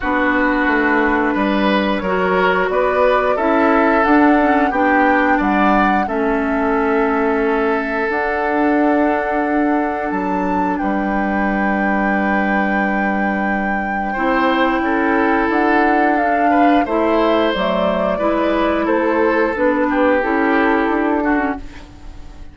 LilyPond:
<<
  \new Staff \with { instrumentName = "flute" } { \time 4/4 \tempo 4 = 89 b'2. cis''4 | d''4 e''4 fis''4 g''4 | fis''4 e''2. | fis''2. a''4 |
g''1~ | g''2. fis''4 | f''4 e''4 d''2 | c''4 b'4 a'2 | }
  \new Staff \with { instrumentName = "oboe" } { \time 4/4 fis'2 b'4 ais'4 | b'4 a'2 g'4 | d''4 a'2.~ | a'1 |
b'1~ | b'4 c''4 a'2~ | a'8 b'8 c''2 b'4 | a'4. g'2 fis'8 | }
  \new Staff \with { instrumentName = "clarinet" } { \time 4/4 d'2. fis'4~ | fis'4 e'4 d'8 cis'8 d'4~ | d'4 cis'2. | d'1~ |
d'1~ | d'4 e'2. | d'4 e'4 a4 e'4~ | e'4 d'4 e'4. d'16 cis'16 | }
  \new Staff \with { instrumentName = "bassoon" } { \time 4/4 b4 a4 g4 fis4 | b4 cis'4 d'4 b4 | g4 a2. | d'2. fis4 |
g1~ | g4 c'4 cis'4 d'4~ | d'4 a4 fis4 gis4 | a4 b4 cis'4 d'4 | }
>>